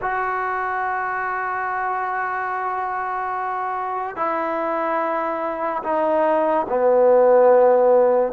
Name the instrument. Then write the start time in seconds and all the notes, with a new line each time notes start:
trombone
0.01 F#4
4.16 E4
5.83 D#4
6.69 B3